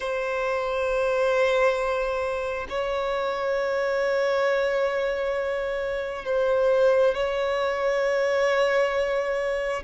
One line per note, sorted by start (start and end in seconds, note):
0.00 2.67 C5
2.69 6.25 C#5
6.25 7.14 C5
7.14 9.83 C#5